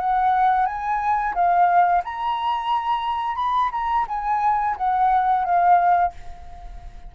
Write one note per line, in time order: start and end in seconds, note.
0.00 0.66 F#5
0.66 1.35 G#5
1.35 2.03 F5
2.05 3.36 A#5
3.36 3.70 B5
3.72 4.06 A#5
4.08 4.77 G#5
4.77 5.45 F#5
5.45 6.13 F5